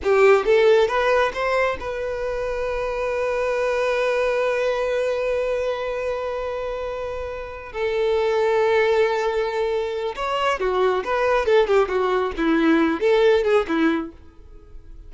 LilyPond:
\new Staff \with { instrumentName = "violin" } { \time 4/4 \tempo 4 = 136 g'4 a'4 b'4 c''4 | b'1~ | b'1~ | b'1~ |
b'4. a'2~ a'8~ | a'2. cis''4 | fis'4 b'4 a'8 g'8 fis'4 | e'4. a'4 gis'8 e'4 | }